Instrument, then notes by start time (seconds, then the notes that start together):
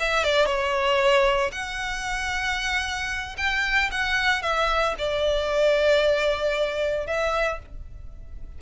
violin
0.00 E5
0.24 D5
0.46 C#5
1.52 F#5
3.38 G5
3.92 F#5
4.43 E5
4.98 D5
7.07 E5